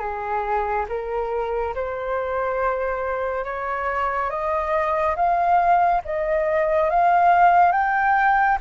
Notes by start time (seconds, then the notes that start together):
0.00 G#4
0.89 A#4
1.75 C5
3.45 C#5
4.31 D#5
5.16 F5
6.05 D#5
6.90 F5
7.73 G5